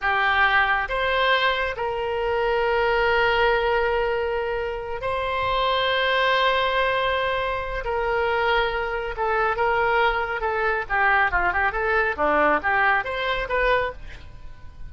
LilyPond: \new Staff \with { instrumentName = "oboe" } { \time 4/4 \tempo 4 = 138 g'2 c''2 | ais'1~ | ais'2.~ ais'8 c''8~ | c''1~ |
c''2 ais'2~ | ais'4 a'4 ais'2 | a'4 g'4 f'8 g'8 a'4 | d'4 g'4 c''4 b'4 | }